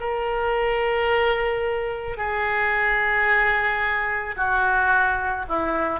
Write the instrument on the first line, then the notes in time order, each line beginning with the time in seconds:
oboe
0.00 A#4
2.18 G#4
4.37 F#4
5.48 E4